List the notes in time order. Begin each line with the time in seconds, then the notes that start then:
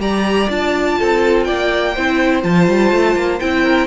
0.00 G3 G4 D5 A#5
0.49 D4 F4 A5
0.98 C4 A4
1.44 A#3 D5 G5
1.94 C4 E4 C5
2.44 F3 F4 A5
2.68 G3
2.92 A3
3.16 A#3
3.40 C4 E4 G5
3.63 A#4